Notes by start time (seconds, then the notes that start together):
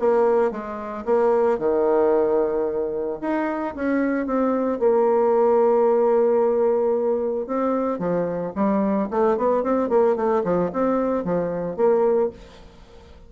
0.00 A#3
0.52 G#3
1.06 A#3
1.59 D#3
3.22 D#4
3.76 C#4
4.27 C4
4.79 A#3
7.47 C4
7.99 F3
8.56 G3
9.11 A3
9.38 B3
9.64 C4
9.90 A#3
10.16 A3
10.44 F3
10.73 C4
11.25 F3
11.77 A#3